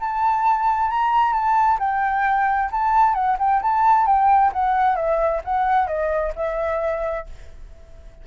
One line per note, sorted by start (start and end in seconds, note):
0.00 0.91 A5
0.91 1.33 A#5
1.33 1.78 A5
1.79 2.70 G5
2.72 3.14 A5
3.14 3.37 F#5
3.39 3.61 G5
3.62 4.06 A5
4.06 4.52 G5
4.53 4.96 F#5
4.96 5.41 E5
5.45 5.87 F#5
5.87 6.33 D#5
6.36 7.26 E5